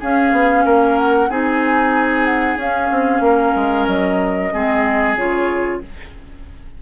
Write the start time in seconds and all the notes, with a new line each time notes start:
0.00 C#4 G#4 F5
0.32 B3
0.65 A#3 A#4
0.98 F#5
1.29 C4 D#4 G#4 G#5
2.25 F#5
2.57 C#4 F5
2.91 C4
3.20 A#3 A#4
3.55 G#3
3.87 F#3 D#5
4.53 G#3 C4 G#4
5.17 C#3 F4 C#5